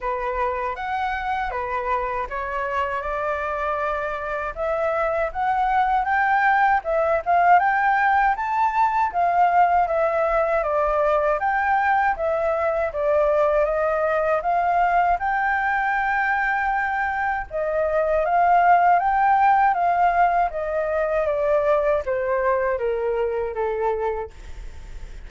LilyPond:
\new Staff \with { instrumentName = "flute" } { \time 4/4 \tempo 4 = 79 b'4 fis''4 b'4 cis''4 | d''2 e''4 fis''4 | g''4 e''8 f''8 g''4 a''4 | f''4 e''4 d''4 g''4 |
e''4 d''4 dis''4 f''4 | g''2. dis''4 | f''4 g''4 f''4 dis''4 | d''4 c''4 ais'4 a'4 | }